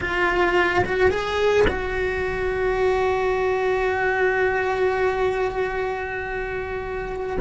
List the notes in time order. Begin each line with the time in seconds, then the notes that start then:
0.00 F4
0.84 F#4
1.10 G#4
1.67 F#4